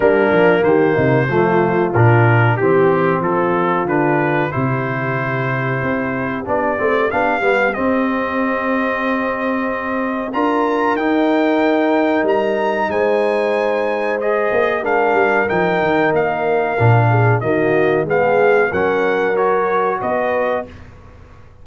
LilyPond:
<<
  \new Staff \with { instrumentName = "trumpet" } { \time 4/4 \tempo 4 = 93 ais'4 c''2 ais'4 | g'4 a'4 b'4 c''4~ | c''2 d''4 f''4 | dis''1 |
ais''4 g''2 ais''4 | gis''2 dis''4 f''4 | g''4 f''2 dis''4 | f''4 fis''4 cis''4 dis''4 | }
  \new Staff \with { instrumentName = "horn" } { \time 4/4 d'4 g'8 dis'8 f'2 | g'4 f'2 g'4~ | g'1~ | g'1 |
ais'1 | c''2. ais'4~ | ais'2~ ais'8 gis'8 fis'4 | gis'4 ais'2 b'4 | }
  \new Staff \with { instrumentName = "trombone" } { \time 4/4 ais2 a4 d'4 | c'2 d'4 e'4~ | e'2 d'8 c'8 d'8 b8 | c'1 |
f'4 dis'2.~ | dis'2 gis'4 d'4 | dis'2 d'4 ais4 | b4 cis'4 fis'2 | }
  \new Staff \with { instrumentName = "tuba" } { \time 4/4 g8 f8 dis8 c8 f4 ais,4 | e4 f4 d4 c4~ | c4 c'4 b8 a8 b8 g8 | c'1 |
d'4 dis'2 g4 | gis2~ gis8 ais8 gis8 g8 | f8 dis8 ais4 ais,4 dis4 | gis4 fis2 b4 | }
>>